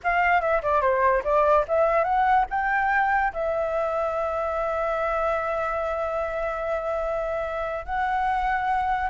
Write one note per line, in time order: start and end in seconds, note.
0.03 0.41 F5
0.41 0.61 E5
0.62 0.81 D5
0.81 1.22 C5
1.24 1.65 D5
1.68 2.04 E5
2.04 2.45 F#5
2.49 3.32 G5
3.33 7.85 E5
7.85 9.09 F#5